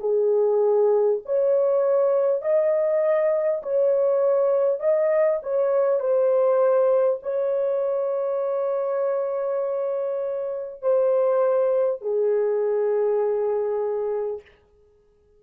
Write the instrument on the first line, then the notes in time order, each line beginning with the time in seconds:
horn
0.00 G#4
1.25 C#5
2.42 D#5
3.63 C#5
4.80 D#5
5.43 C#5
6.00 C5
7.23 C#5
10.82 C5
12.02 G#4